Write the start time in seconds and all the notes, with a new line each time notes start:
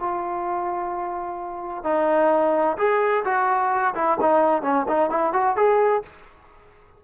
0.00 F4
1.84 D#4
2.78 G#4
3.25 F#4
3.95 E4
4.22 D#4
4.63 C#4
4.89 D#4
5.11 E4
5.33 F#4
5.57 G#4